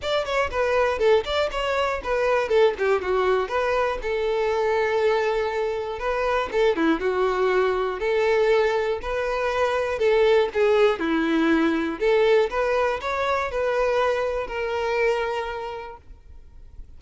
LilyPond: \new Staff \with { instrumentName = "violin" } { \time 4/4 \tempo 4 = 120 d''8 cis''8 b'4 a'8 d''8 cis''4 | b'4 a'8 g'8 fis'4 b'4 | a'1 | b'4 a'8 e'8 fis'2 |
a'2 b'2 | a'4 gis'4 e'2 | a'4 b'4 cis''4 b'4~ | b'4 ais'2. | }